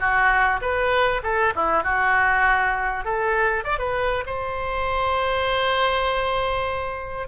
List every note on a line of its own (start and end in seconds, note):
0.00 0.61 F#4
0.62 1.22 B4
1.23 1.53 A4
1.56 1.83 E4
1.83 3.05 F#4
3.05 3.64 A4
3.64 3.79 D5
3.79 4.25 B4
4.26 7.28 C5